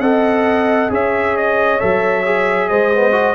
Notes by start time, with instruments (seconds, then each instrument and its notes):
0.00 tuba C4, trombone A4, horn D#5, trumpet F#5
0.89 tuba C#4, trombone G#4, horn C#5, trumpet E5
1.37 trumpet D#5
1.79 tuba F#3, trombone A4, trumpet E5
2.25 trombone G#4
2.69 tuba G#3, horn C5, trumpet D#5
2.94 trombone B3
3.12 trombone F#4